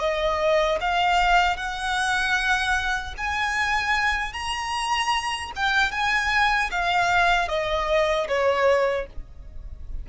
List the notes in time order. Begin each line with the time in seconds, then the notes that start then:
0.00 D#5
0.81 F5
1.57 F#5
3.18 G#5
4.33 A#5
5.56 G5
5.92 G#5
6.71 F5
7.49 D#5
8.28 C#5